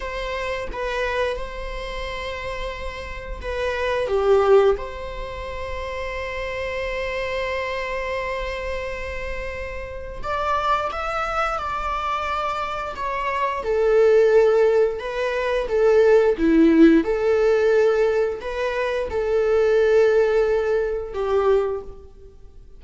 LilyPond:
\new Staff \with { instrumentName = "viola" } { \time 4/4 \tempo 4 = 88 c''4 b'4 c''2~ | c''4 b'4 g'4 c''4~ | c''1~ | c''2. d''4 |
e''4 d''2 cis''4 | a'2 b'4 a'4 | e'4 a'2 b'4 | a'2. g'4 | }